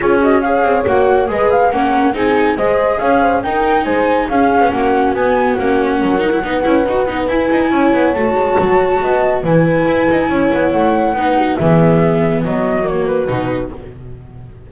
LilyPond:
<<
  \new Staff \with { instrumentName = "flute" } { \time 4/4 \tempo 4 = 140 cis''8 dis''8 f''4 fis''4 dis''8 f''8 | fis''4 gis''4 dis''4 f''4 | g''4 gis''4 f''4 fis''4 | gis''4 fis''2.~ |
fis''4 gis''2 a''4~ | a''2 gis''2~ | gis''4 fis''2 e''4~ | e''4 dis''4 cis''8 b'4. | }
  \new Staff \with { instrumentName = "horn" } { \time 4/4 gis'4 cis''2 b'4 | ais'4 gis'4 c''4 cis''8 c''8 | ais'4 c''4 gis'4 fis'4~ | fis'2 ais'4 b'4~ |
b'2 cis''2~ | cis''4 dis''4 b'2 | cis''2 b'8 fis'8 gis'4~ | gis'4 fis'2. | }
  \new Staff \with { instrumentName = "viola" } { \time 4/4 f'8 fis'8 gis'4 fis'4 gis'4 | cis'4 dis'4 gis'2 | dis'2 cis'2 | b4 cis'4. dis'16 e'16 dis'8 e'8 |
fis'8 dis'8 e'2 fis'4~ | fis'2 e'2~ | e'2 dis'4 b4~ | b2 ais4 dis'4 | }
  \new Staff \with { instrumentName = "double bass" } { \time 4/4 cis'4. c'8 ais4 gis4 | ais4 c'4 gis4 cis'4 | dis'4 gis4 cis'8. b16 ais4 | b4 ais4 fis4 b8 cis'8 |
dis'8 b8 e'8 dis'8 cis'8 b8 a8 gis8 | fis4 b4 e4 e'8 dis'8 | cis'8 b8 a4 b4 e4~ | e4 fis2 b,4 | }
>>